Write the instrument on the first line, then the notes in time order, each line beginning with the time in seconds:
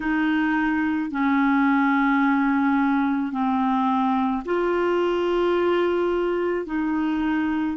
clarinet
0.00 D#4
1.11 C#4
3.32 C4
4.45 F4
6.66 D#4